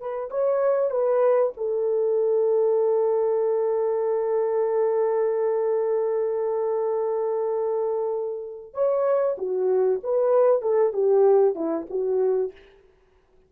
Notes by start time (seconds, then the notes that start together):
0.00 B4
0.31 C#5
0.91 B4
1.57 A4
8.74 C#5
9.38 F#4
10.04 B4
10.62 A4
10.93 G4
11.55 E4
11.90 F#4